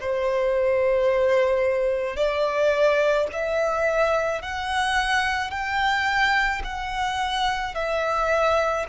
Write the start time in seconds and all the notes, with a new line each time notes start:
0.00 C5
2.16 D5
3.32 E5
4.41 F#5
5.50 G5
6.64 F#5
7.74 E5